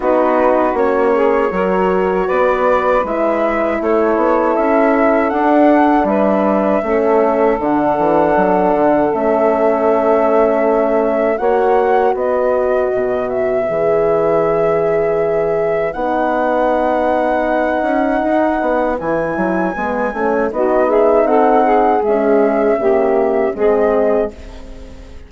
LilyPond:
<<
  \new Staff \with { instrumentName = "flute" } { \time 4/4 \tempo 4 = 79 b'4 cis''2 d''4 | e''4 cis''4 e''4 fis''4 | e''2 fis''2 | e''2. fis''4 |
dis''4. e''2~ e''8~ | e''4 fis''2.~ | fis''4 gis''2 dis''8 e''8 | fis''4 e''2 dis''4 | }
  \new Staff \with { instrumentName = "saxophone" } { \time 4/4 fis'4. gis'8 ais'4 b'4~ | b'4 a'2. | b'4 a'2.~ | a'2. cis''4 |
b'1~ | b'1~ | b'2. fis'8 gis'8 | a'8 gis'4. g'4 gis'4 | }
  \new Staff \with { instrumentName = "horn" } { \time 4/4 dis'4 cis'4 fis'2 | e'2. d'4~ | d'4 cis'4 d'2 | cis'2. fis'4~ |
fis'2 gis'2~ | gis'4 dis'2.~ | dis'4 e'4 b8 cis'8 dis'4~ | dis'4 gis4 ais4 c'4 | }
  \new Staff \with { instrumentName = "bassoon" } { \time 4/4 b4 ais4 fis4 b4 | gis4 a8 b8 cis'4 d'4 | g4 a4 d8 e8 fis8 d8 | a2. ais4 |
b4 b,4 e2~ | e4 b2~ b8 cis'8 | dis'8 b8 e8 fis8 gis8 a8 b4 | c'4 cis'4 cis4 gis4 | }
>>